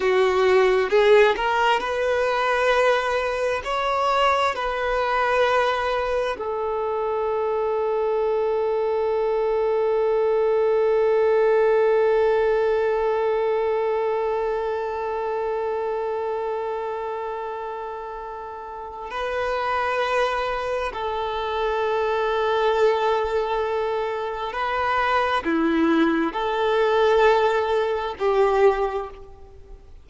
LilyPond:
\new Staff \with { instrumentName = "violin" } { \time 4/4 \tempo 4 = 66 fis'4 gis'8 ais'8 b'2 | cis''4 b'2 a'4~ | a'1~ | a'1~ |
a'1~ | a'4 b'2 a'4~ | a'2. b'4 | e'4 a'2 g'4 | }